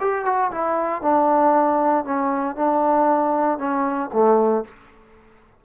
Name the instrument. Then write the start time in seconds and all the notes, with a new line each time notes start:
trombone
0.00 G4
0.25 F#4
0.51 E4
1.02 D4
2.04 C#4
2.56 D4
3.58 C#4
4.13 A3